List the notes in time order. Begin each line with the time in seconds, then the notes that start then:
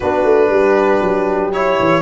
0.00 B3 D4 F#4 B4
0.23 A3
0.49 G3 G4
1.02 F#3
1.52 E4 C#5
1.79 E3